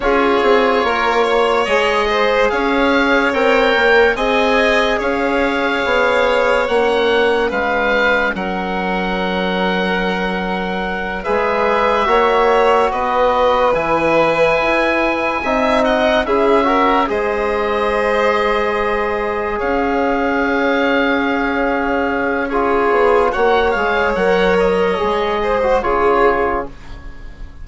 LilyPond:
<<
  \new Staff \with { instrumentName = "oboe" } { \time 4/4 \tempo 4 = 72 cis''2 dis''4 f''4 | g''4 gis''4 f''2 | fis''4 f''4 fis''2~ | fis''4. e''2 dis''8~ |
dis''8 gis''2~ gis''8 fis''8 e''8~ | e''8 dis''2. f''8~ | f''2. cis''4 | fis''8 f''8 fis''8 dis''4. cis''4 | }
  \new Staff \with { instrumentName = "violin" } { \time 4/4 gis'4 ais'8 cis''4 c''8 cis''4~ | cis''4 dis''4 cis''2~ | cis''4 b'4 ais'2~ | ais'4. b'4 cis''4 b'8~ |
b'2~ b'8 e''8 dis''8 gis'8 | ais'8 c''2. cis''8~ | cis''2. gis'4 | cis''2~ cis''8 c''8 gis'4 | }
  \new Staff \with { instrumentName = "trombone" } { \time 4/4 f'2 gis'2 | ais'4 gis'2. | cis'1~ | cis'4. gis'4 fis'4.~ |
fis'8 e'2 dis'4 e'8 | fis'8 gis'2.~ gis'8~ | gis'2. f'4 | fis'8 gis'8 ais'4 gis'8. fis'16 f'4 | }
  \new Staff \with { instrumentName = "bassoon" } { \time 4/4 cis'8 c'8 ais4 gis4 cis'4 | c'8 ais8 c'4 cis'4 b4 | ais4 gis4 fis2~ | fis4. gis4 ais4 b8~ |
b8 e4 e'4 c'4 cis'8~ | cis'8 gis2. cis'8~ | cis'2.~ cis'8 b8 | ais8 gis8 fis4 gis4 cis4 | }
>>